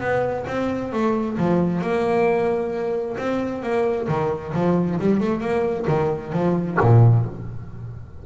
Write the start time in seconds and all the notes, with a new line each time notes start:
0.00 B3
0.47 C4
0.92 A3
1.38 F3
1.81 A#3
3.17 C4
3.62 A#3
4.08 D#3
4.53 F3
4.99 G3
5.20 A3
5.40 A#3
5.87 D#3
6.32 F3
6.80 A#2